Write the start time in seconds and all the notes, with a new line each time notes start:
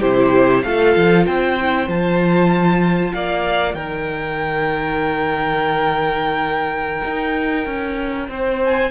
0.00 C3 E4 G4 C5
0.63 A3 F4 A4 F5
0.96 F3
1.26 C4 C5 G5
1.61 E4
1.88 F3 F4 A5
3.13 A#3 D5 F5
3.74 D#3 D#4 A#4 G5
7.05 D#4
7.66 C#4
8.29 C4 C5
8.65 G#5